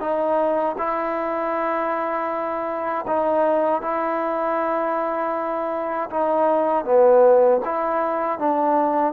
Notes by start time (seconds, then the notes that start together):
0.00 D#4
0.78 E4
3.08 D#4
3.82 E4
6.10 D#4
6.85 B3
7.65 E4
8.39 D4